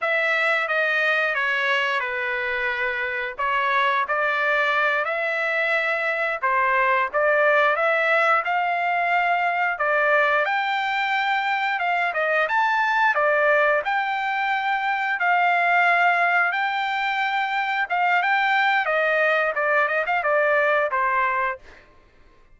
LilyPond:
\new Staff \with { instrumentName = "trumpet" } { \time 4/4 \tempo 4 = 89 e''4 dis''4 cis''4 b'4~ | b'4 cis''4 d''4. e''8~ | e''4. c''4 d''4 e''8~ | e''8 f''2 d''4 g''8~ |
g''4. f''8 dis''8 a''4 d''8~ | d''8 g''2 f''4.~ | f''8 g''2 f''8 g''4 | dis''4 d''8 dis''16 f''16 d''4 c''4 | }